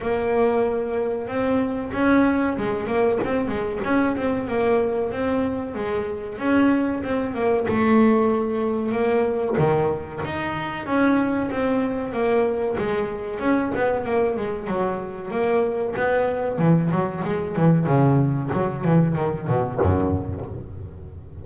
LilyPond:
\new Staff \with { instrumentName = "double bass" } { \time 4/4 \tempo 4 = 94 ais2 c'4 cis'4 | gis8 ais8 c'8 gis8 cis'8 c'8 ais4 | c'4 gis4 cis'4 c'8 ais8 | a2 ais4 dis4 |
dis'4 cis'4 c'4 ais4 | gis4 cis'8 b8 ais8 gis8 fis4 | ais4 b4 e8 fis8 gis8 e8 | cis4 fis8 e8 dis8 b,8 fis,4 | }